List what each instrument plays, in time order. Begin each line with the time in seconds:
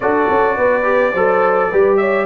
0.00 tuba D4, trombone F#4, horn A4, trumpet D5
0.30 tuba C#4
0.56 tuba B3, horn B4
0.83 trombone G4
1.11 tuba F#3, trombone A4, horn C5
1.69 tuba G3, trombone G4, horn B4
1.97 horn C#5, trumpet E5